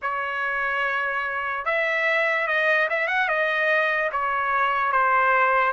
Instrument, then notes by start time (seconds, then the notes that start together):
trumpet
0.02 C#5
1.65 E5
2.47 D#5
2.90 E5
3.07 F#5
3.28 D#5
4.11 C#5
4.91 C5